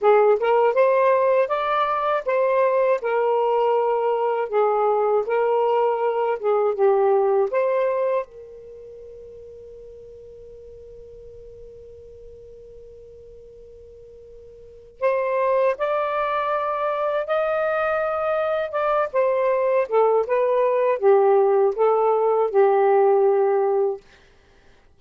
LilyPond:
\new Staff \with { instrumentName = "saxophone" } { \time 4/4 \tempo 4 = 80 gis'8 ais'8 c''4 d''4 c''4 | ais'2 gis'4 ais'4~ | ais'8 gis'8 g'4 c''4 ais'4~ | ais'1~ |
ais'1 | c''4 d''2 dis''4~ | dis''4 d''8 c''4 a'8 b'4 | g'4 a'4 g'2 | }